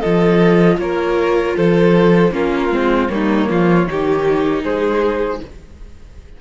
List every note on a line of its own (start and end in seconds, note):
0.00 0.78 F3
0.00 2.31 F4
0.00 0.77 A4
0.00 0.77 D#5
0.78 1.55 A#3
0.78 1.57 A#4
0.78 1.56 C#5
1.57 2.31 F3
1.57 2.33 A4
1.57 2.34 C5
2.31 2.69 A#3
2.31 2.69 C#4
2.31 3.11 F4
2.31 2.74 A#4
2.70 3.08 G#3
2.70 3.09 C4
2.70 3.08 C5
3.08 3.48 G3
3.08 3.86 A#3
3.08 3.50 D#4
3.08 4.62 C#5
3.50 3.86 F3
3.50 3.88 F4
3.86 4.63 D#3
3.86 5.41 D#4
3.86 4.63 G4
4.63 5.40 G#3
4.63 5.40 G#4
4.63 5.41 C5